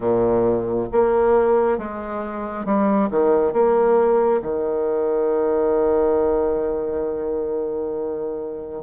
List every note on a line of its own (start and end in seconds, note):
0.00 0.87 A#2
0.92 1.78 A#3
1.78 2.65 G#3
2.65 3.09 G3
3.10 3.53 D#3
3.53 4.41 A#3
4.42 8.83 D#3